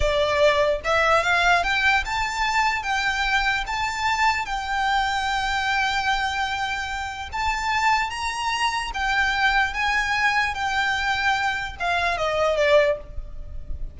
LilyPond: \new Staff \with { instrumentName = "violin" } { \time 4/4 \tempo 4 = 148 d''2 e''4 f''4 | g''4 a''2 g''4~ | g''4 a''2 g''4~ | g''1~ |
g''2 a''2 | ais''2 g''2 | gis''2 g''2~ | g''4 f''4 dis''4 d''4 | }